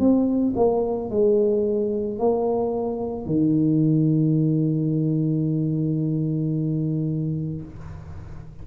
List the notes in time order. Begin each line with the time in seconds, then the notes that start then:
0.00 C4
0.56 A#3
1.11 G#3
2.19 A#3
3.26 D#3